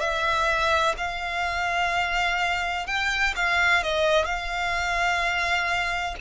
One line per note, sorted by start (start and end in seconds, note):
0.00 0.95 E5
0.97 2.87 F5
2.87 3.34 G5
3.36 3.83 F5
3.83 4.25 D#5
4.25 6.15 F5